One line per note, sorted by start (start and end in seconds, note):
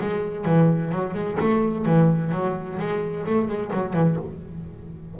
0.00 0.45 G#3
0.45 0.91 E3
0.91 1.14 F#3
1.14 1.37 G#3
1.40 1.85 A3
1.85 2.31 E3
2.31 2.78 F#3
2.78 3.25 G#3
3.26 3.48 A3
3.48 3.71 G#3
3.73 3.93 F#3
3.93 4.16 E3